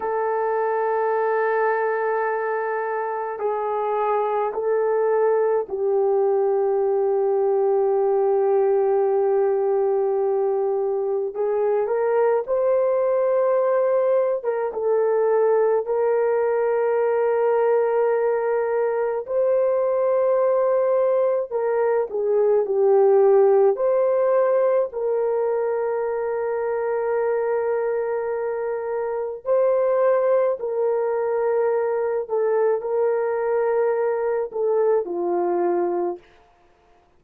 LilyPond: \new Staff \with { instrumentName = "horn" } { \time 4/4 \tempo 4 = 53 a'2. gis'4 | a'4 g'2.~ | g'2 gis'8 ais'8 c''4~ | c''8. ais'16 a'4 ais'2~ |
ais'4 c''2 ais'8 gis'8 | g'4 c''4 ais'2~ | ais'2 c''4 ais'4~ | ais'8 a'8 ais'4. a'8 f'4 | }